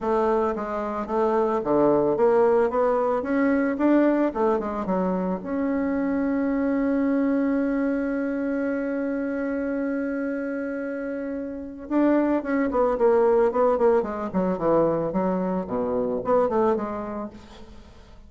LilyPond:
\new Staff \with { instrumentName = "bassoon" } { \time 4/4 \tempo 4 = 111 a4 gis4 a4 d4 | ais4 b4 cis'4 d'4 | a8 gis8 fis4 cis'2~ | cis'1~ |
cis'1~ | cis'2 d'4 cis'8 b8 | ais4 b8 ais8 gis8 fis8 e4 | fis4 b,4 b8 a8 gis4 | }